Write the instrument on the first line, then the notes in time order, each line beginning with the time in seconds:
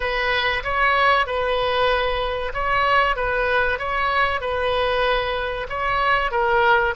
oboe
0.00 B4
0.63 C#5
1.26 B4
2.53 C#5
3.16 B4
3.78 C#5
4.40 B4
5.69 C#5
6.31 A#4